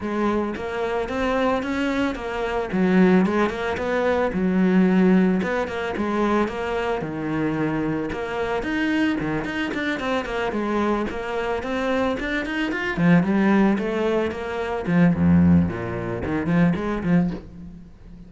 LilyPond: \new Staff \with { instrumentName = "cello" } { \time 4/4 \tempo 4 = 111 gis4 ais4 c'4 cis'4 | ais4 fis4 gis8 ais8 b4 | fis2 b8 ais8 gis4 | ais4 dis2 ais4 |
dis'4 dis8 dis'8 d'8 c'8 ais8 gis8~ | gis8 ais4 c'4 d'8 dis'8 f'8 | f8 g4 a4 ais4 f8 | f,4 ais,4 dis8 f8 gis8 f8 | }